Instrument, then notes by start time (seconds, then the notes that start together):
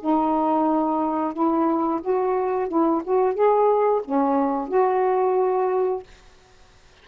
saxophone
0.00 D#4
1.33 E4
2.01 F#4
2.68 E4
3.04 F#4
3.34 G#4
4.04 C#4
4.68 F#4